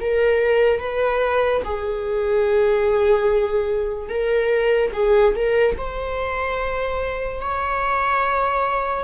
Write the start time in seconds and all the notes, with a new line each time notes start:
0.00 A#4
0.80 B4
1.64 G#4
4.09 A#4
4.93 G#4
5.35 A#4
5.78 C5
7.40 C#5